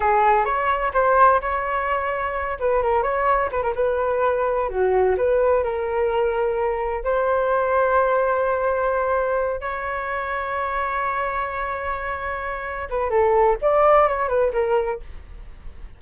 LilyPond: \new Staff \with { instrumentName = "flute" } { \time 4/4 \tempo 4 = 128 gis'4 cis''4 c''4 cis''4~ | cis''4. b'8 ais'8 cis''4 b'16 ais'16 | b'2 fis'4 b'4 | ais'2. c''4~ |
c''1~ | c''8 cis''2.~ cis''8~ | cis''2.~ cis''8 b'8 | a'4 d''4 cis''8 b'8 ais'4 | }